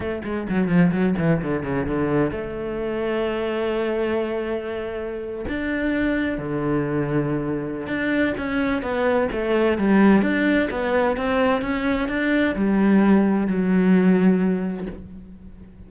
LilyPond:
\new Staff \with { instrumentName = "cello" } { \time 4/4 \tempo 4 = 129 a8 gis8 fis8 f8 fis8 e8 d8 cis8 | d4 a2.~ | a2.~ a8. d'16~ | d'4.~ d'16 d2~ d16~ |
d4 d'4 cis'4 b4 | a4 g4 d'4 b4 | c'4 cis'4 d'4 g4~ | g4 fis2. | }